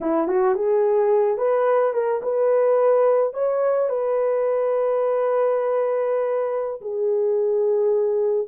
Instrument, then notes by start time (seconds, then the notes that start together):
horn
0.00 E4
0.27 F#4
0.55 G#4
1.37 B4
1.93 A#4
2.22 B4
3.33 C#5
3.89 B4
6.81 G#4